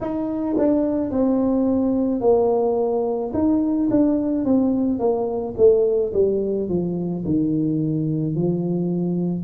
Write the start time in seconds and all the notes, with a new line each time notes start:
0.00 D#4
0.58 D4
1.11 C4
2.20 A#3
3.33 D#4
3.90 D4
4.44 C4
4.98 A#3
5.57 A3
6.13 G3
6.69 F3
7.24 D#3
8.35 F3